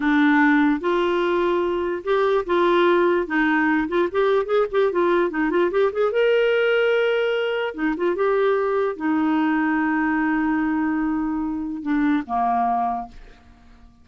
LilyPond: \new Staff \with { instrumentName = "clarinet" } { \time 4/4 \tempo 4 = 147 d'2 f'2~ | f'4 g'4 f'2 | dis'4. f'8 g'4 gis'8 g'8 | f'4 dis'8 f'8 g'8 gis'8 ais'4~ |
ais'2. dis'8 f'8 | g'2 dis'2~ | dis'1~ | dis'4 d'4 ais2 | }